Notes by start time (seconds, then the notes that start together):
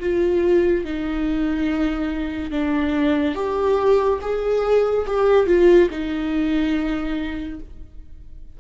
0.00 F4
0.85 D#4
2.51 D4
3.35 G4
4.22 G#4
5.07 G4
5.47 F4
5.91 D#4